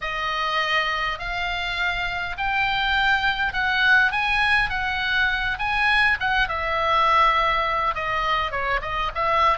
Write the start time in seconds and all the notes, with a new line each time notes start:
0.01 D#5
1.18 F5
2.37 G5
3.53 F#5
4.11 G#5
4.69 F#5
5.58 G#5
6.20 F#5
6.48 E5
7.94 D#5
8.51 C#5
8.81 D#5
9.14 E5